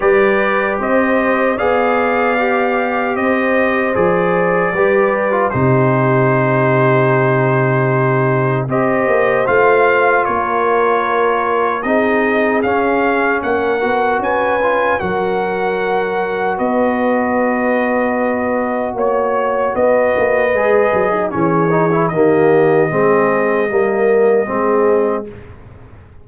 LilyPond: <<
  \new Staff \with { instrumentName = "trumpet" } { \time 4/4 \tempo 4 = 76 d''4 dis''4 f''2 | dis''4 d''2 c''4~ | c''2. dis''4 | f''4 cis''2 dis''4 |
f''4 fis''4 gis''4 fis''4~ | fis''4 dis''2. | cis''4 dis''2 cis''4 | dis''1 | }
  \new Staff \with { instrumentName = "horn" } { \time 4/4 b'4 c''4 d''2 | c''2 b'4 g'4~ | g'2. c''4~ | c''4 ais'2 gis'4~ |
gis'4 ais'4 b'4 ais'4~ | ais'4 b'2. | cis''4 b'4.~ b'16 dis'16 gis'4 | g'4 gis'4 ais'4 gis'4 | }
  \new Staff \with { instrumentName = "trombone" } { \time 4/4 g'2 gis'4 g'4~ | g'4 gis'4 g'8. f'16 dis'4~ | dis'2. g'4 | f'2. dis'4 |
cis'4. fis'4 f'8 fis'4~ | fis'1~ | fis'2 gis'4 cis'8 dis'16 e'16 | ais4 c'4 ais4 c'4 | }
  \new Staff \with { instrumentName = "tuba" } { \time 4/4 g4 c'4 b2 | c'4 f4 g4 c4~ | c2. c'8 ais8 | a4 ais2 c'4 |
cis'4 ais8 b8 cis'4 fis4~ | fis4 b2. | ais4 b8 ais8 gis8 fis8 e4 | dis4 gis4 g4 gis4 | }
>>